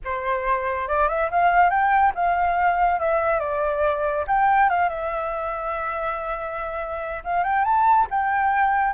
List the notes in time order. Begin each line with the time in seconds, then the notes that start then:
0.04 C5
0.87 D5
1.08 E5
1.31 F5
1.70 G5
2.15 F5
2.99 E5
3.39 D5
4.27 G5
4.69 F5
4.89 E5
7.24 F5
7.43 G5
7.64 A5
8.10 G5